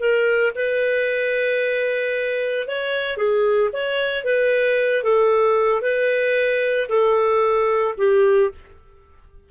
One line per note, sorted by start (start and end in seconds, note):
0.00 0.53 A#4
0.56 2.68 B4
2.68 3.17 C#5
3.17 3.70 G#4
3.73 4.25 C#5
4.25 5.04 B4
5.04 5.82 A4
5.82 6.88 B4
6.89 7.95 A4
7.98 8.51 G4